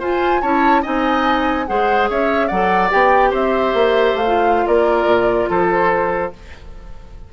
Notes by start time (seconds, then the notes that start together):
0.00 F4 C5 G#5
0.42 C#4 E4 C#5 A5
0.82 C4 D#4 D#5 G#5
1.67 G#3 G#4 C5 F#5
2.10 C#4 C#5 E5
2.47 F#3 A4 D5 F#5
2.90 B3 G4 G5
3.31 C4 C5 E5
3.74 A#3
4.14 A3 F5
4.26 F4
4.67 A#3 A#4 D5
5.06 A#2
5.50 F3 A4 C5